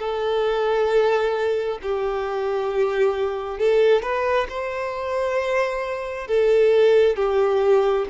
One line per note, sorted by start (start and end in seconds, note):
0.00 1.79 A4
1.83 3.59 G4
3.59 4.03 A4
4.03 4.47 B4
4.49 6.28 C5
6.28 7.16 A4
7.16 8.06 G4